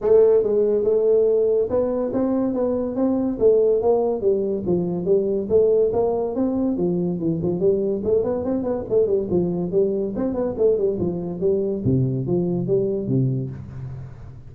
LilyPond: \new Staff \with { instrumentName = "tuba" } { \time 4/4 \tempo 4 = 142 a4 gis4 a2 | b4 c'4 b4 c'4 | a4 ais4 g4 f4 | g4 a4 ais4 c'4 |
f4 e8 f8 g4 a8 b8 | c'8 b8 a8 g8 f4 g4 | c'8 b8 a8 g8 f4 g4 | c4 f4 g4 c4 | }